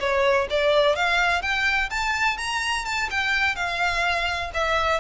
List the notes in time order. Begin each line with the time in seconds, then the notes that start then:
0.00 C#5
0.50 D5
0.96 F5
1.42 G5
1.90 A5
2.37 A#5
2.85 A5
3.11 G5
3.56 F5
4.54 E5